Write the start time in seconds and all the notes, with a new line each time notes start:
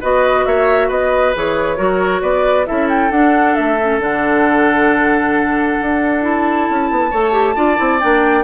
0.00 B3 F#4 B4 D#5
0.45 A#3 C#5 E5
0.88 B3 B4 D#5
1.35 E3 G#4 C#5
1.76 F#3 F#4 A#4
2.21 B3 B4 D5
2.65 C#4 E4 A4 E5
2.88 G5
3.11 D4 F#5
3.55 A3 E5
3.81 C#4
3.99 D3 D4 F#5
5.81 D4
6.21 E4 A5
6.69 C#4
6.90 B3
7.10 A3 A4 C#5
7.32 G4
7.55 D4 F4 D5
7.76 C4 E4
8.00 A#3 D4 G5